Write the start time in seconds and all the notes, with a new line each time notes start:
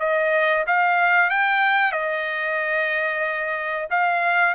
0.00 D#5
0.67 F5
1.30 G5
1.92 D#5
3.90 F5